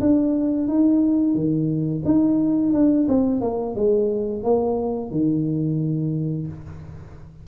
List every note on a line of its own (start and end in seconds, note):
0.00 0.68 D4
0.68 1.35 D#4
1.35 2.03 D#3
2.05 2.73 D#4
2.73 3.07 D4
3.08 3.41 C4
3.41 3.75 A#3
3.75 4.43 G#3
4.43 5.11 A#3
5.11 6.47 D#3